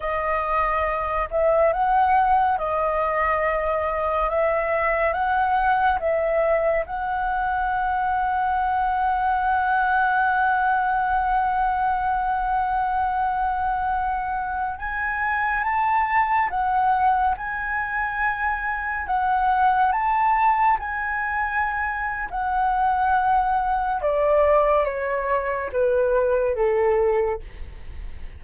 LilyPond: \new Staff \with { instrumentName = "flute" } { \time 4/4 \tempo 4 = 70 dis''4. e''8 fis''4 dis''4~ | dis''4 e''4 fis''4 e''4 | fis''1~ | fis''1~ |
fis''4~ fis''16 gis''4 a''4 fis''8.~ | fis''16 gis''2 fis''4 a''8.~ | a''16 gis''4.~ gis''16 fis''2 | d''4 cis''4 b'4 a'4 | }